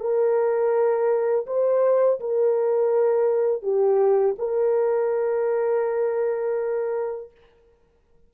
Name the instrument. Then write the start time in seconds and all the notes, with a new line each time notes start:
horn
0.00 A#4
1.47 C5
2.20 A#4
3.63 G4
4.39 A#4